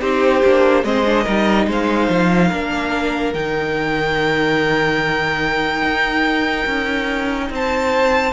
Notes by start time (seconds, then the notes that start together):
0.00 C4 D#4 G4 C5
0.44 A#3 D4
0.84 G#3 C4 C5 D#5
1.05 D4
1.24 G3 D#4 A#4
1.66 G#3 C5 F5
2.09 F3
2.47 A#3 D4 A#4
3.33 D#3 D#4 G5
5.82 D#4
6.66 C#4
7.49 C4 C5 A5